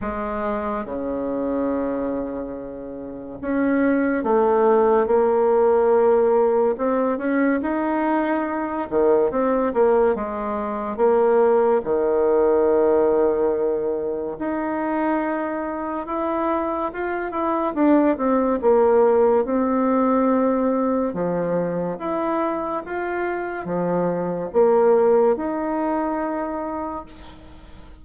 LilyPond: \new Staff \with { instrumentName = "bassoon" } { \time 4/4 \tempo 4 = 71 gis4 cis2. | cis'4 a4 ais2 | c'8 cis'8 dis'4. dis8 c'8 ais8 | gis4 ais4 dis2~ |
dis4 dis'2 e'4 | f'8 e'8 d'8 c'8 ais4 c'4~ | c'4 f4 e'4 f'4 | f4 ais4 dis'2 | }